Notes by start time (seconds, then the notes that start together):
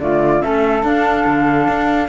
0.00 D3 A3 F4 D5
0.41 A3 C#4 A4 E5
0.83 D4 F5
1.26 D3
1.68 D4